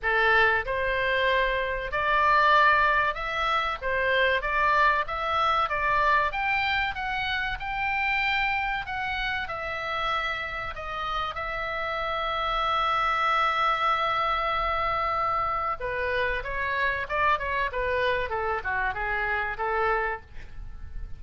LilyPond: \new Staff \with { instrumentName = "oboe" } { \time 4/4 \tempo 4 = 95 a'4 c''2 d''4~ | d''4 e''4 c''4 d''4 | e''4 d''4 g''4 fis''4 | g''2 fis''4 e''4~ |
e''4 dis''4 e''2~ | e''1~ | e''4 b'4 cis''4 d''8 cis''8 | b'4 a'8 fis'8 gis'4 a'4 | }